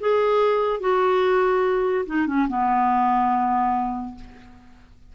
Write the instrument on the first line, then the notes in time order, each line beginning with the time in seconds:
clarinet
0.00 G#4
0.80 F#4
2.06 D#4
2.27 C#4
2.48 B3